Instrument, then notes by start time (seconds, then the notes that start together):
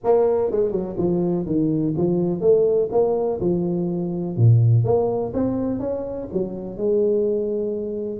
tuba
0.04 A#3
0.51 G#3
0.71 F#3
0.97 F3
1.45 D#3
1.97 F3
2.40 A3
2.91 A#3
3.40 F3
4.36 A#2
4.84 A#3
5.33 C4
5.79 C#4
6.32 F#3
6.77 G#3